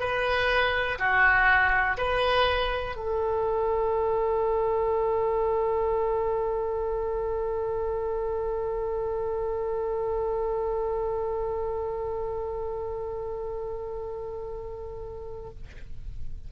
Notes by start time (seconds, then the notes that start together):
0.00 B4
0.99 F#4
1.98 B4
2.96 A4